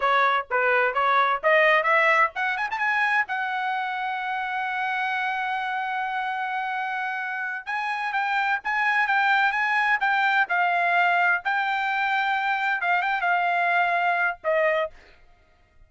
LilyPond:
\new Staff \with { instrumentName = "trumpet" } { \time 4/4 \tempo 4 = 129 cis''4 b'4 cis''4 dis''4 | e''4 fis''8 gis''16 a''16 gis''4 fis''4~ | fis''1~ | fis''1~ |
fis''8 gis''4 g''4 gis''4 g''8~ | g''8 gis''4 g''4 f''4.~ | f''8 g''2. f''8 | g''8 f''2~ f''8 dis''4 | }